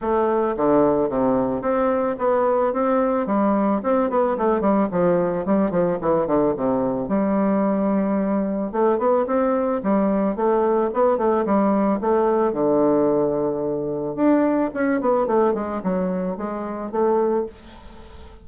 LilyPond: \new Staff \with { instrumentName = "bassoon" } { \time 4/4 \tempo 4 = 110 a4 d4 c4 c'4 | b4 c'4 g4 c'8 b8 | a8 g8 f4 g8 f8 e8 d8 | c4 g2. |
a8 b8 c'4 g4 a4 | b8 a8 g4 a4 d4~ | d2 d'4 cis'8 b8 | a8 gis8 fis4 gis4 a4 | }